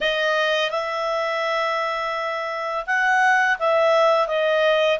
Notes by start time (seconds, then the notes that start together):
0.00 D#5
0.70 E5
2.86 F#5
3.59 E5
4.27 D#5